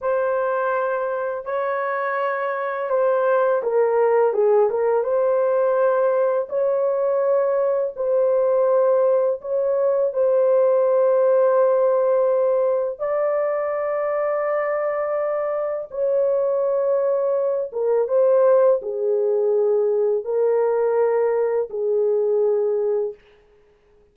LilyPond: \new Staff \with { instrumentName = "horn" } { \time 4/4 \tempo 4 = 83 c''2 cis''2 | c''4 ais'4 gis'8 ais'8 c''4~ | c''4 cis''2 c''4~ | c''4 cis''4 c''2~ |
c''2 d''2~ | d''2 cis''2~ | cis''8 ais'8 c''4 gis'2 | ais'2 gis'2 | }